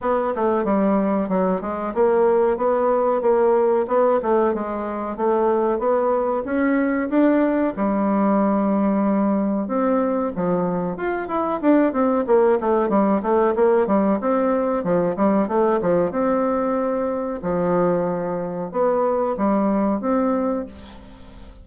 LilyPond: \new Staff \with { instrumentName = "bassoon" } { \time 4/4 \tempo 4 = 93 b8 a8 g4 fis8 gis8 ais4 | b4 ais4 b8 a8 gis4 | a4 b4 cis'4 d'4 | g2. c'4 |
f4 f'8 e'8 d'8 c'8 ais8 a8 | g8 a8 ais8 g8 c'4 f8 g8 | a8 f8 c'2 f4~ | f4 b4 g4 c'4 | }